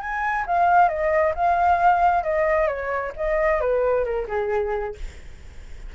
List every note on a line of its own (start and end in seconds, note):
0.00 0.45 G#5
0.46 0.89 F5
0.89 1.33 D#5
1.35 2.23 F5
2.23 2.67 D#5
2.67 3.12 C#5
3.16 3.60 D#5
3.60 4.04 B4
4.04 4.27 A#4
4.28 4.95 G#4